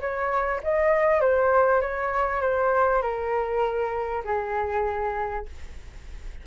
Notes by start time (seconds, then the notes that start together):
0.00 C#5
0.63 D#5
1.20 C5
1.81 C#5
2.41 C5
3.02 A#4
4.24 G#4